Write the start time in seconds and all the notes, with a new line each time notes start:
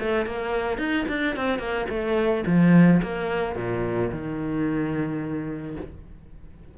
0.00 A3
0.26 A#3
0.78 D#4
1.08 D4
1.36 C4
1.59 A#3
1.89 A3
2.46 F3
3.02 A#3
3.55 A#2
4.12 D#3